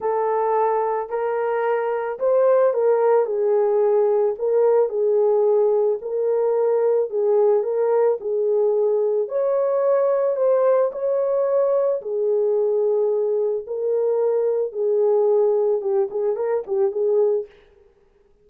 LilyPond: \new Staff \with { instrumentName = "horn" } { \time 4/4 \tempo 4 = 110 a'2 ais'2 | c''4 ais'4 gis'2 | ais'4 gis'2 ais'4~ | ais'4 gis'4 ais'4 gis'4~ |
gis'4 cis''2 c''4 | cis''2 gis'2~ | gis'4 ais'2 gis'4~ | gis'4 g'8 gis'8 ais'8 g'8 gis'4 | }